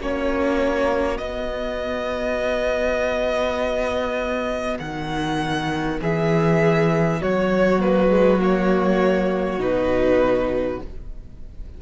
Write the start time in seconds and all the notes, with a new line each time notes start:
0.00 A#3 C#4 F#4 C#5
1.18 B3 D#5
4.79 D#3 F#5
6.01 E3 G#4 E5
7.21 F#3 F#4 C#5
7.79 A#3 B4
8.09 G#3
8.39 A#3 C#5
9.58 B2 D#4 B4